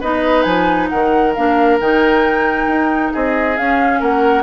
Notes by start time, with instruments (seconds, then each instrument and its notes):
0.00 bassoon B3, clarinet D#4, oboe B4, flute D#5
0.42 bassoon F3, flute G#5
0.89 bassoon D#3, oboe A#4, flute F#5
1.34 bassoon A#3, clarinet D4, flute F5
1.80 bassoon D#3, clarinet D#4, flute G5
2.67 bassoon D#4
3.13 bassoon C4, oboe G#4, flute D#5
3.57 clarinet C#4, bassoon C#4, flute F5
4.00 bassoon A#3, oboe A#4, flute F#5